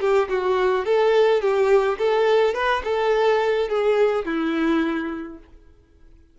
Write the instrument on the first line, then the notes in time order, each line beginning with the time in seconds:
violin
0.00 G4
0.29 F#4
0.85 A4
1.41 G4
1.98 A4
2.54 B4
2.84 A4
3.69 G#4
4.25 E4